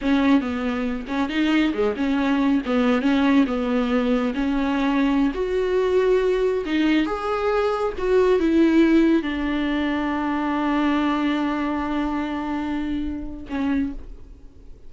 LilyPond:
\new Staff \with { instrumentName = "viola" } { \time 4/4 \tempo 4 = 138 cis'4 b4. cis'8 dis'4 | gis8 cis'4. b4 cis'4 | b2 cis'2~ | cis'16 fis'2. dis'8.~ |
dis'16 gis'2 fis'4 e'8.~ | e'4~ e'16 d'2~ d'8.~ | d'1~ | d'2. cis'4 | }